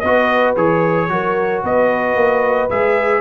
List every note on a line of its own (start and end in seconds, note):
0.00 0.57 B3
0.00 0.56 F#4
0.00 1.09 B4
0.00 0.54 D#5
0.56 1.10 E3
0.56 1.09 G#4
0.56 1.64 C#5
1.09 1.63 F#3
1.09 2.70 F#4
1.09 1.65 A#4
1.64 2.15 B3
1.64 3.21 B4
1.64 2.70 D#5
2.15 2.69 A#3
2.70 3.21 G#3
2.70 3.21 G#4
2.70 3.21 E5